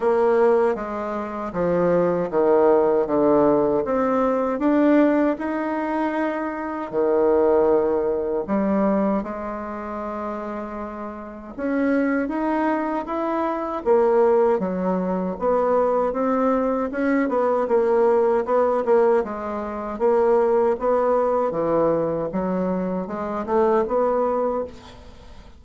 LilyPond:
\new Staff \with { instrumentName = "bassoon" } { \time 4/4 \tempo 4 = 78 ais4 gis4 f4 dis4 | d4 c'4 d'4 dis'4~ | dis'4 dis2 g4 | gis2. cis'4 |
dis'4 e'4 ais4 fis4 | b4 c'4 cis'8 b8 ais4 | b8 ais8 gis4 ais4 b4 | e4 fis4 gis8 a8 b4 | }